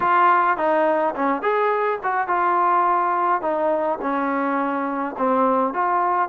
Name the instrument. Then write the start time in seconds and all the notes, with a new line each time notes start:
trombone
0.00 F4
0.57 D#4
1.15 C#4
1.42 G#4
2.03 F#4
2.27 F4
3.41 D#4
4.01 C#4
5.18 C4
5.73 F4